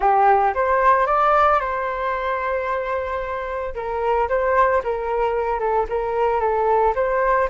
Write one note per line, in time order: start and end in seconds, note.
0.00 0.53 G4
0.54 1.06 C5
1.06 1.59 D5
1.60 3.74 C5
3.75 4.28 A#4
4.28 4.82 C5
4.83 5.59 A#4
5.59 5.86 A4
5.89 6.40 A#4
6.40 6.94 A4
6.95 7.48 C5